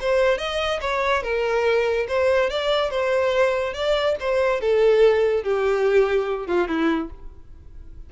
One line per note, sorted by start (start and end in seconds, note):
0.00 0.38 C5
0.38 0.80 D#5
0.80 1.22 C#5
1.22 2.06 A#4
2.08 2.50 C5
2.50 2.90 D5
2.90 3.73 C5
3.73 4.15 D5
4.19 4.60 C5
4.60 5.43 A4
5.43 6.47 G4
6.47 6.68 F4
6.68 7.09 E4